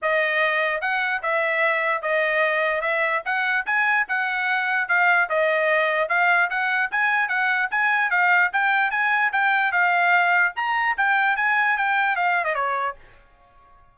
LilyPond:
\new Staff \with { instrumentName = "trumpet" } { \time 4/4 \tempo 4 = 148 dis''2 fis''4 e''4~ | e''4 dis''2 e''4 | fis''4 gis''4 fis''2 | f''4 dis''2 f''4 |
fis''4 gis''4 fis''4 gis''4 | f''4 g''4 gis''4 g''4 | f''2 ais''4 g''4 | gis''4 g''4 f''8. dis''16 cis''4 | }